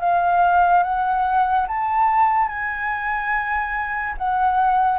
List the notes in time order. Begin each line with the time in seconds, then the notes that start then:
0.00 F5
0.83 F#5
1.68 A5
2.48 G#5
4.18 F#5